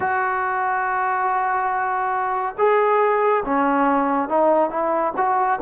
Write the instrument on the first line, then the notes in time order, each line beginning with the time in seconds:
trombone
0.00 F#4
2.58 G#4
3.45 C#4
4.28 D#4
4.69 E4
5.16 F#4